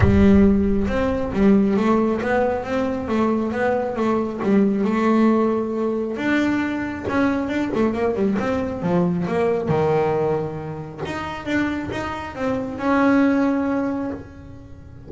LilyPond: \new Staff \with { instrumentName = "double bass" } { \time 4/4 \tempo 4 = 136 g2 c'4 g4 | a4 b4 c'4 a4 | b4 a4 g4 a4~ | a2 d'2 |
cis'4 d'8 a8 ais8 g8 c'4 | f4 ais4 dis2~ | dis4 dis'4 d'4 dis'4 | c'4 cis'2. | }